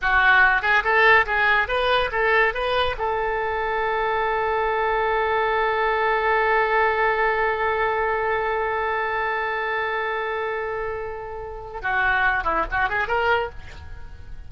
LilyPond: \new Staff \with { instrumentName = "oboe" } { \time 4/4 \tempo 4 = 142 fis'4. gis'8 a'4 gis'4 | b'4 a'4 b'4 a'4~ | a'1~ | a'1~ |
a'1~ | a'1~ | a'1 | fis'4. e'8 fis'8 gis'8 ais'4 | }